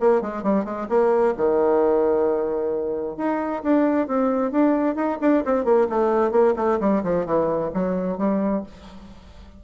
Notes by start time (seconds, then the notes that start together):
0.00 A#3
0.21 G#3
0.43 G3
0.64 G#3
0.89 A#3
1.37 D#3
3.17 D#4
3.63 D4
4.07 C4
4.51 D4
4.95 D#4
5.21 D4
5.45 C4
5.64 A#3
5.89 A3
6.31 A#3
6.56 A3
6.80 G3
7.03 F3
7.25 E3
7.73 F#3
8.17 G3